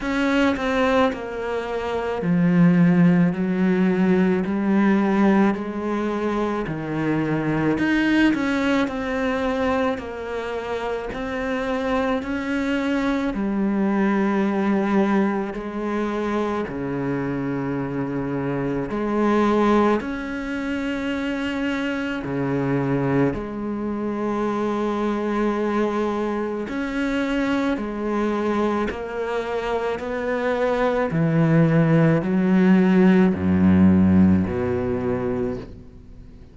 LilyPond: \new Staff \with { instrumentName = "cello" } { \time 4/4 \tempo 4 = 54 cis'8 c'8 ais4 f4 fis4 | g4 gis4 dis4 dis'8 cis'8 | c'4 ais4 c'4 cis'4 | g2 gis4 cis4~ |
cis4 gis4 cis'2 | cis4 gis2. | cis'4 gis4 ais4 b4 | e4 fis4 fis,4 b,4 | }